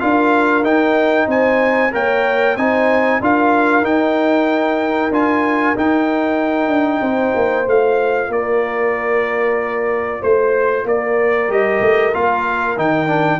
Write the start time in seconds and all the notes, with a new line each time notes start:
0.00 D4 F4 A#4 F5
0.62 D#4 G5
1.27 C4 C5 G#5
1.91 A#3 A#4 C#5 G5
2.56 C4 D#4 C5 G#5
3.20 D4 F4 A#4 F5
3.82 D#4 G5
5.10 D4 F4 G#5
5.76 D#4 G5
6.68 D4
7.01 C4 C5
7.35 A#3
7.65 A3 F4 F5
8.28 A#3 A#4 D5
10.21 A3 C5
10.85 A#3 A#4 D5
11.48 G3 G4 D#5
11.81 A3
12.13 A#3 F4 F5
12.77 D#3 D#4 G5
13.07 D4